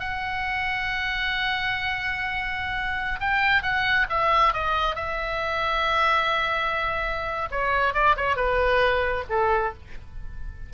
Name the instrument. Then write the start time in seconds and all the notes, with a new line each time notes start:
oboe
0.00 F#5
3.21 G5
3.63 F#5
4.10 E5
4.54 D#5
4.96 E5
7.51 C#5
7.94 D5
8.17 C#5
8.36 B4
9.29 A4